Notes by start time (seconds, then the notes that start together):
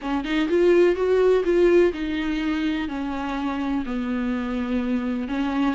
0.01 C#4
0.24 D#4
0.49 F4
0.95 F#4
1.44 F4
1.93 D#4
2.88 C#4
3.85 B3
5.28 C#4